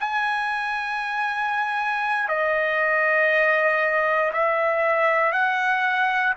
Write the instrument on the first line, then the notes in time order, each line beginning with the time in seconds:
trumpet
0.00 G#5
2.29 D#5
4.33 E5
5.33 F#5